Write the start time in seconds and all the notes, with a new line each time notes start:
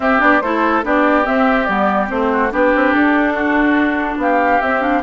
0.00 C4 G4 E5
0.19 B3 D4 D5
0.41 A3 E4 A4 C5
0.83 B3 D4 G4 D5
1.23 C4 E5
1.65 G3 B3 D5
2.07 A3 C4 C5
2.31 F#4
2.51 B3 D4 G4 B4
2.75 C4
2.93 D4 A4
3.33 F#4
4.17 B3 G4 F5
4.61 C4 E5
4.80 D4 F5